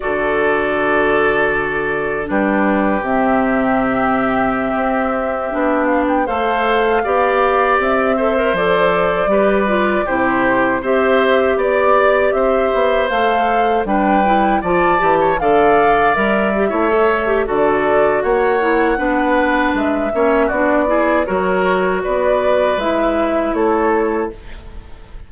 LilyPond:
<<
  \new Staff \with { instrumentName = "flute" } { \time 4/4 \tempo 4 = 79 d''2. b'4 | e''2.~ e''8. f''16 | g''16 f''2 e''4 d''8.~ | d''4~ d''16 c''4 e''4 d''8.~ |
d''16 e''4 f''4 g''4 a''8.~ | a''16 f''4 e''4.~ e''16 d''4 | fis''2 e''4 d''4 | cis''4 d''4 e''4 cis''4 | }
  \new Staff \with { instrumentName = "oboe" } { \time 4/4 a'2. g'4~ | g'1~ | g'16 c''4 d''4. c''4~ c''16~ | c''16 b'4 g'4 c''4 d''8.~ |
d''16 c''2 b'4 d''8. | cis''16 d''4.~ d''16 cis''4 a'4 | cis''4 b'4. cis''8 fis'8 gis'8 | ais'4 b'2 a'4 | }
  \new Staff \with { instrumentName = "clarinet" } { \time 4/4 fis'2. d'4 | c'2.~ c'16 d'8.~ | d'16 a'4 g'4. a'16 ais'16 a'8.~ | a'16 g'8 f'8 e'4 g'4.~ g'16~ |
g'4~ g'16 a'4 d'8 e'8 f'8 g'16~ | g'16 a'4 ais'8 g'16 e'16 a'8 g'16 fis'4~ | fis'8 e'8 d'4. cis'8 d'8 e'8 | fis'2 e'2 | }
  \new Staff \with { instrumentName = "bassoon" } { \time 4/4 d2. g4 | c2~ c16 c'4 b8.~ | b16 a4 b4 c'4 f8.~ | f16 g4 c4 c'4 b8.~ |
b16 c'8 b8 a4 g4 f8 e16~ | e16 d4 g8. a4 d4 | ais4 b4 gis8 ais8 b4 | fis4 b4 gis4 a4 | }
>>